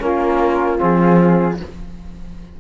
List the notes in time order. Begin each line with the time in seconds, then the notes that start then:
0.00 A#3 C#4 F4 A#4
0.77 F3 C4 G#4